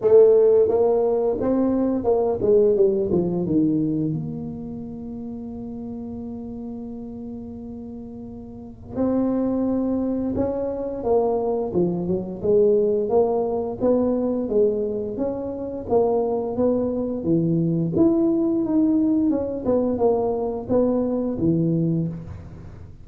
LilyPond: \new Staff \with { instrumentName = "tuba" } { \time 4/4 \tempo 4 = 87 a4 ais4 c'4 ais8 gis8 | g8 f8 dis4 ais2~ | ais1~ | ais4 c'2 cis'4 |
ais4 f8 fis8 gis4 ais4 | b4 gis4 cis'4 ais4 | b4 e4 e'4 dis'4 | cis'8 b8 ais4 b4 e4 | }